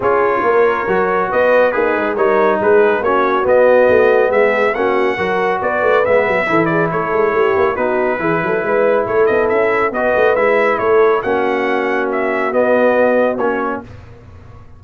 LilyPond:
<<
  \new Staff \with { instrumentName = "trumpet" } { \time 4/4 \tempo 4 = 139 cis''2. dis''4 | b'4 cis''4 b'4 cis''4 | dis''2 e''4 fis''4~ | fis''4 d''4 e''4. d''8 |
cis''2 b'2~ | b'4 cis''8 dis''8 e''4 dis''4 | e''4 cis''4 fis''2 | e''4 dis''2 cis''4 | }
  \new Staff \with { instrumentName = "horn" } { \time 4/4 gis'4 ais'2 b'4 | dis'4 ais'4 gis'4 fis'4~ | fis'2 gis'4 fis'4 | ais'4 b'2 a'8 gis'8 |
a'4 g'4 fis'4 gis'8 a'8 | b'4 a'2 b'4~ | b'4 a'4 fis'2~ | fis'1 | }
  \new Staff \with { instrumentName = "trombone" } { \time 4/4 f'2 fis'2 | gis'4 dis'2 cis'4 | b2. cis'4 | fis'2 b4 e'4~ |
e'2 dis'4 e'4~ | e'2. fis'4 | e'2 cis'2~ | cis'4 b2 cis'4 | }
  \new Staff \with { instrumentName = "tuba" } { \time 4/4 cis'4 ais4 fis4 b4 | ais8 gis8 g4 gis4 ais4 | b4 a4 gis4 ais4 | fis4 b8 a8 gis8 fis8 e4 |
a8 gis8 a8 ais8 b4 e8 fis8 | gis4 a8 b8 cis'4 b8 a8 | gis4 a4 ais2~ | ais4 b2 ais4 | }
>>